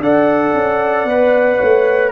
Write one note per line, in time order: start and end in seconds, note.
0.00 0.53 D4
0.00 1.08 A4
0.00 1.58 D5
0.00 2.12 F#5
0.54 1.05 C#4
1.05 1.57 B3
1.05 2.12 B4
1.58 2.12 A3
1.58 2.11 C#5